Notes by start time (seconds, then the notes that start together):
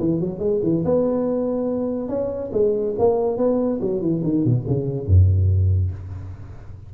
0.00 E3
0.20 F#3
0.39 G#3
0.63 E3
0.85 B3
2.09 C#4
2.53 G#3
2.99 A#3
3.38 B3
3.81 F#3
4.01 E3
4.23 D#3
4.44 B2
4.67 C#3
5.07 F#2